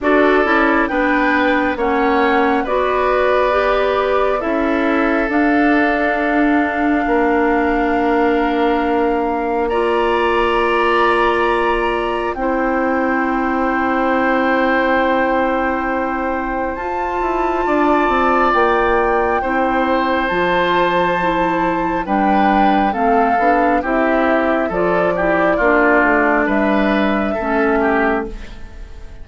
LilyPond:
<<
  \new Staff \with { instrumentName = "flute" } { \time 4/4 \tempo 4 = 68 d''4 g''4 fis''4 d''4~ | d''4 e''4 f''2~ | f''2. ais''4~ | ais''2 g''2~ |
g''2. a''4~ | a''4 g''2 a''4~ | a''4 g''4 f''4 e''4 | d''2 e''2 | }
  \new Staff \with { instrumentName = "oboe" } { \time 4/4 a'4 b'4 cis''4 b'4~ | b'4 a'2. | ais'2. d''4~ | d''2 c''2~ |
c''1 | d''2 c''2~ | c''4 b'4 a'4 g'4 | a'8 g'8 f'4 b'4 a'8 g'8 | }
  \new Staff \with { instrumentName = "clarinet" } { \time 4/4 fis'8 e'8 d'4 cis'4 fis'4 | g'4 e'4 d'2~ | d'2. f'4~ | f'2 e'2~ |
e'2. f'4~ | f'2 e'4 f'4 | e'4 d'4 c'8 d'8 e'4 | f'8 e'8 d'2 cis'4 | }
  \new Staff \with { instrumentName = "bassoon" } { \time 4/4 d'8 cis'8 b4 ais4 b4~ | b4 cis'4 d'2 | ais1~ | ais2 c'2~ |
c'2. f'8 e'8 | d'8 c'8 ais4 c'4 f4~ | f4 g4 a8 b8 c'4 | f4 ais8 a8 g4 a4 | }
>>